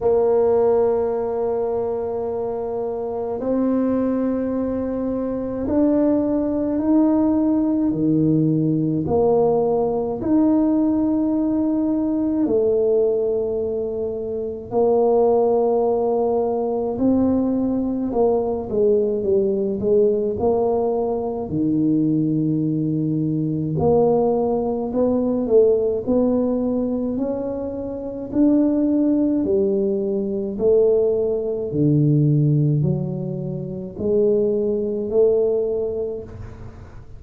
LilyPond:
\new Staff \with { instrumentName = "tuba" } { \time 4/4 \tempo 4 = 53 ais2. c'4~ | c'4 d'4 dis'4 dis4 | ais4 dis'2 a4~ | a4 ais2 c'4 |
ais8 gis8 g8 gis8 ais4 dis4~ | dis4 ais4 b8 a8 b4 | cis'4 d'4 g4 a4 | d4 fis4 gis4 a4 | }